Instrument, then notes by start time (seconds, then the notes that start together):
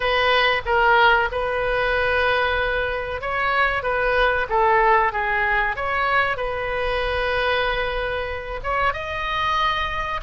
oboe
0.00 B4
0.65 A#4
1.31 B4
3.21 C#5
3.82 B4
4.49 A4
5.12 G#4
5.76 C#5
6.37 B4
8.63 C#5
8.93 D#5